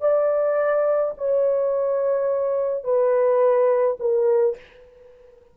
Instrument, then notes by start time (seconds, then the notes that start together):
horn
0.00 D5
1.17 C#5
2.84 B4
3.99 A#4